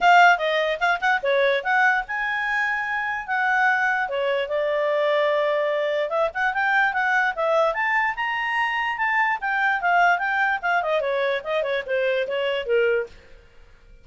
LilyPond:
\new Staff \with { instrumentName = "clarinet" } { \time 4/4 \tempo 4 = 147 f''4 dis''4 f''8 fis''8 cis''4 | fis''4 gis''2. | fis''2 cis''4 d''4~ | d''2. e''8 fis''8 |
g''4 fis''4 e''4 a''4 | ais''2 a''4 g''4 | f''4 g''4 f''8 dis''8 cis''4 | dis''8 cis''8 c''4 cis''4 ais'4 | }